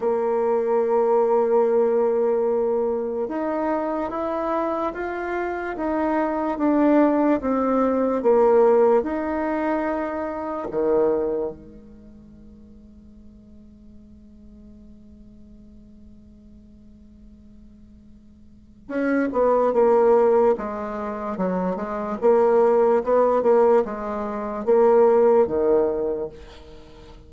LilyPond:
\new Staff \with { instrumentName = "bassoon" } { \time 4/4 \tempo 4 = 73 ais1 | dis'4 e'4 f'4 dis'4 | d'4 c'4 ais4 dis'4~ | dis'4 dis4 gis2~ |
gis1~ | gis2. cis'8 b8 | ais4 gis4 fis8 gis8 ais4 | b8 ais8 gis4 ais4 dis4 | }